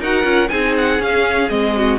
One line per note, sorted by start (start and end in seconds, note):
0.00 0.24 D#4
0.00 0.24 F#4
0.00 0.50 A#4
0.00 0.49 F#5
0.24 0.48 C#4
0.24 0.48 F4
0.49 0.99 C4
0.49 0.99 D#4
0.49 1.75 G#4
0.49 0.73 G#5
0.77 1.01 F#5
0.99 1.48 C#4
0.99 1.49 F5
1.48 1.99 G#3
1.48 1.98 C4
1.48 1.98 D#5
1.76 1.99 F#4